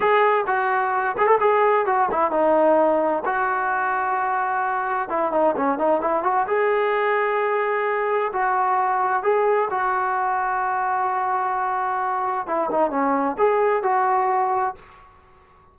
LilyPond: \new Staff \with { instrumentName = "trombone" } { \time 4/4 \tempo 4 = 130 gis'4 fis'4. gis'16 a'16 gis'4 | fis'8 e'8 dis'2 fis'4~ | fis'2. e'8 dis'8 | cis'8 dis'8 e'8 fis'8 gis'2~ |
gis'2 fis'2 | gis'4 fis'2.~ | fis'2. e'8 dis'8 | cis'4 gis'4 fis'2 | }